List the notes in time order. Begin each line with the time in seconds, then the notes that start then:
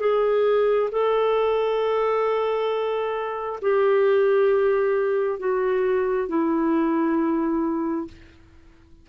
0.00 G#4
0.92 A4
3.62 G4
5.40 F#4
6.29 E4